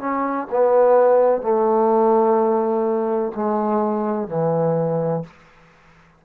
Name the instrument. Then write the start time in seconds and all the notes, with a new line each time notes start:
trombone
0.00 C#4
0.51 B3
1.42 A3
3.35 G#3
4.28 E3